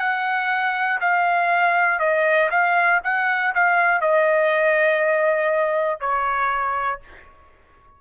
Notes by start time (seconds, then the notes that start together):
0.00 F#5
1.01 F5
2.00 D#5
2.51 F5
3.05 F#5
3.55 F5
4.02 D#5
6.01 C#5